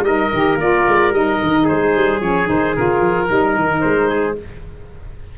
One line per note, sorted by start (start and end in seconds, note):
0.00 0.27 G3
0.00 0.32 D#4
0.00 1.64 A#4
0.00 0.57 D#5
0.33 0.55 D#3
0.33 0.59 G4
0.55 0.82 A#3
0.55 1.12 F4
0.55 1.13 D5
0.87 1.10 G#3
1.10 1.37 G3
1.10 2.19 D#4
1.10 1.67 D#5
1.42 1.69 D#3
1.64 3.26 G#4
1.64 2.21 C5
1.70 1.95 G#3
1.95 2.20 G3
2.19 2.47 F3
2.19 2.46 C#4
2.19 2.48 C#5
2.46 2.76 D#3
2.46 2.73 D#4
2.46 2.75 C5
2.75 3.00 C#3
2.75 3.27 F4
2.75 3.80 A#4
3.00 3.27 F3
3.27 3.56 G3
3.27 4.35 D#4
3.27 4.08 A#4
3.56 3.83 D#3
3.80 4.38 G#3
3.80 4.34 C5
4.08 4.35 G#4